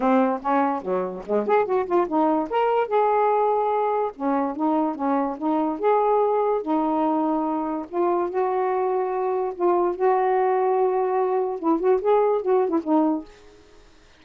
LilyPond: \new Staff \with { instrumentName = "saxophone" } { \time 4/4 \tempo 4 = 145 c'4 cis'4 fis4 gis8 gis'8 | fis'8 f'8 dis'4 ais'4 gis'4~ | gis'2 cis'4 dis'4 | cis'4 dis'4 gis'2 |
dis'2. f'4 | fis'2. f'4 | fis'1 | e'8 fis'8 gis'4 fis'8. e'16 dis'4 | }